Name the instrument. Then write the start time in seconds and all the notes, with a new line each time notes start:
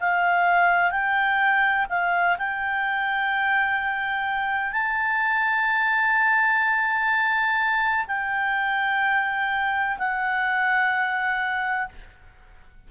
clarinet
0.00 F5
0.91 G5
1.89 F5
2.38 G5
4.72 A5
8.07 G5
9.98 F#5